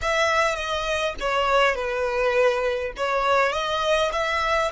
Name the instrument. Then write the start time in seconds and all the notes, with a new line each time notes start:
violin
0.01 E5
0.55 D#5
1.20 C#5
1.75 B4
2.96 C#5
3.52 D#5
4.12 E5